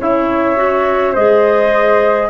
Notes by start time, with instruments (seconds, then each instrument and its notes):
0.00 tuba C#4, clarinet E4, flute C#5, trumpet E5
0.56 clarinet F#4
1.13 tuba G#3, clarinet G#4, flute C5, trumpet D#5